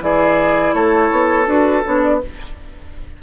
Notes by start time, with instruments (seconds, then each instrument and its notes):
0.00 bassoon E3, clarinet E4, oboe G#4, flute D5
0.74 bassoon A3, oboe A4, flute C#5
1.11 bassoon B3
1.46 bassoon D4, clarinet F#4, flute B4
1.84 bassoon B3, clarinet D4, flute C#5
2.03 flute D5